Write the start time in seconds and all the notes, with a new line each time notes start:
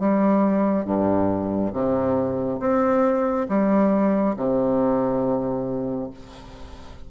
0.00 G3
0.85 G2
1.73 C3
2.60 C4
3.49 G3
4.37 C3